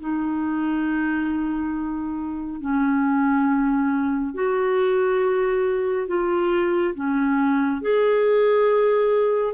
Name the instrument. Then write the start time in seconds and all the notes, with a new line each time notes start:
clarinet
0.00 D#4
2.61 C#4
4.34 F#4
6.08 F4
6.95 C#4
7.82 G#4